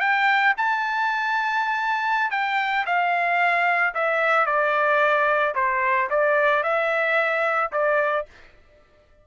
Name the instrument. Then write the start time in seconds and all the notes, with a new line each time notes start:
trumpet
0.00 G5
0.57 A5
2.31 G5
2.86 F5
3.94 E5
4.46 D5
5.55 C5
6.10 D5
6.63 E5
7.72 D5